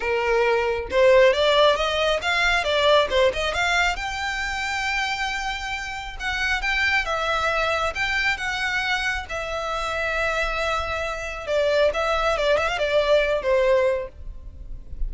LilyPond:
\new Staff \with { instrumentName = "violin" } { \time 4/4 \tempo 4 = 136 ais'2 c''4 d''4 | dis''4 f''4 d''4 c''8 dis''8 | f''4 g''2.~ | g''2 fis''4 g''4 |
e''2 g''4 fis''4~ | fis''4 e''2.~ | e''2 d''4 e''4 | d''8 e''16 f''16 d''4. c''4. | }